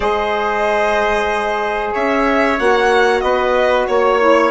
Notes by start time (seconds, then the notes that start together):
0.00 G#3 G#4 C5 D#5
1.92 C#4 C#5 E5
2.58 A#3 F#4 F#5
3.20 B3 B4 D#5
3.87 A#3 C#5
4.19 E4